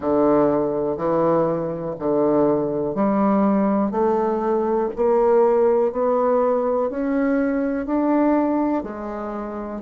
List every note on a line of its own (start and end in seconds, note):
0.00 0.96 D3
0.96 1.94 E3
1.99 2.94 D3
2.94 3.91 G3
3.91 4.89 A3
4.96 5.92 A#3
5.92 6.89 B3
6.89 7.86 C#4
7.86 8.83 D4
8.83 9.81 G#3